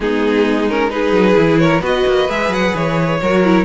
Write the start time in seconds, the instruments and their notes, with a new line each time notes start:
0.00 cello G#3, viola B3, violin D#4 G#4
0.69 viola C#4, violin A#4
0.90 viola D#4, violin G#4 B4
1.11 cello F#3
1.35 cello E3, viola E4
1.58 violin A#4 C#5
1.80 cello B3, viola F#4, violin B4 D#5
2.06 cello A#3
2.28 cello G#3, viola G#4, violin E5
2.48 cello F#3, violin F#5
2.75 cello E3, violin C#5
3.21 cello F#3, viola F#4, violin A#4
3.44 viola E4